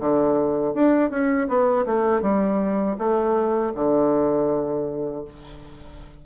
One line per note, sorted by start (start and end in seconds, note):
0.00 0.74 D3
0.74 1.10 D4
1.10 1.48 C#4
1.48 1.86 B3
1.86 2.22 A3
2.22 2.97 G3
2.98 3.73 A3
3.75 5.25 D3